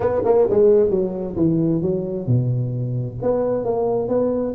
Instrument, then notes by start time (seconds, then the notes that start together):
tuba
0.00 B3
0.24 A#3
0.50 G#3
0.90 F#3
1.36 E3
1.81 F#3
2.26 B2
3.21 B3
3.64 A#3
4.08 B3